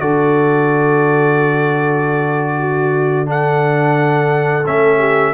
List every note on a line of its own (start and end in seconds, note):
0.00 4.66 D3
0.00 3.26 F#4
0.00 2.59 A4
0.00 3.28 D5
2.59 3.28 F#4
3.26 4.64 D4
3.26 4.98 A4
3.26 4.66 F#5
4.66 5.34 A3
4.66 5.34 C#4
4.66 5.34 E5
4.98 5.33 G4